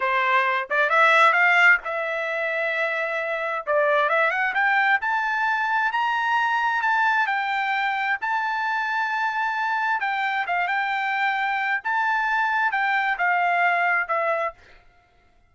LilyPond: \new Staff \with { instrumentName = "trumpet" } { \time 4/4 \tempo 4 = 132 c''4. d''8 e''4 f''4 | e''1 | d''4 e''8 fis''8 g''4 a''4~ | a''4 ais''2 a''4 |
g''2 a''2~ | a''2 g''4 f''8 g''8~ | g''2 a''2 | g''4 f''2 e''4 | }